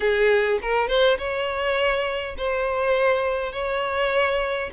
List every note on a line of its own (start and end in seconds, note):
0.00 0.59 G#4
0.62 0.88 A#4
0.88 1.17 C5
1.17 2.35 C#5
2.37 3.52 C5
3.52 4.70 C#5